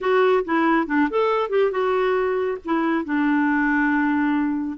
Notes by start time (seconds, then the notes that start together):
0.01 F#4
0.44 E4
0.87 D4
1.10 A4
1.49 G4
1.71 F#4
2.64 E4
3.04 D4